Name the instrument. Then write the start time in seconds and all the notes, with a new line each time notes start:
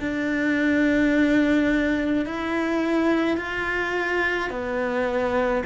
cello
0.00 D4
2.26 E4
3.37 F4
4.50 B3